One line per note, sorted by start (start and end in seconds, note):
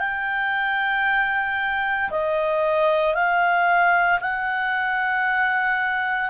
0.00 2.11 G5
2.11 3.15 D#5
3.15 4.20 F5
4.21 6.30 F#5